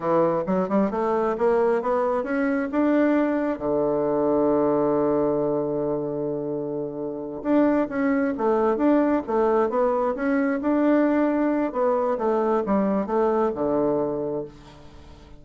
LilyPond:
\new Staff \with { instrumentName = "bassoon" } { \time 4/4 \tempo 4 = 133 e4 fis8 g8 a4 ais4 | b4 cis'4 d'2 | d1~ | d1~ |
d8 d'4 cis'4 a4 d'8~ | d'8 a4 b4 cis'4 d'8~ | d'2 b4 a4 | g4 a4 d2 | }